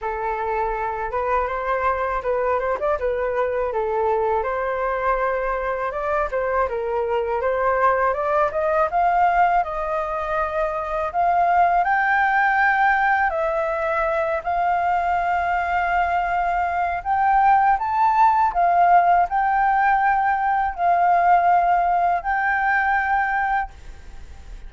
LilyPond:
\new Staff \with { instrumentName = "flute" } { \time 4/4 \tempo 4 = 81 a'4. b'8 c''4 b'8 c''16 d''16 | b'4 a'4 c''2 | d''8 c''8 ais'4 c''4 d''8 dis''8 | f''4 dis''2 f''4 |
g''2 e''4. f''8~ | f''2. g''4 | a''4 f''4 g''2 | f''2 g''2 | }